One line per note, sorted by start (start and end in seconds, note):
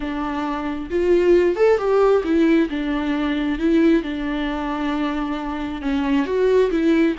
0.00 0.89 D4
0.90 1.56 F4
1.56 1.77 A4
1.77 2.22 G4
2.24 2.69 E4
2.69 3.58 D4
3.58 4.02 E4
4.02 5.81 D4
5.81 6.25 C#4
6.25 6.70 F#4
6.70 7.15 E4